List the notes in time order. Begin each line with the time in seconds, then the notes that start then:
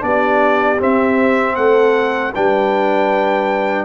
0.00 B3 D4 G4 D5
0.80 C4 E5
1.56 A3 A4 F#5
2.33 G3 D4 B4 G5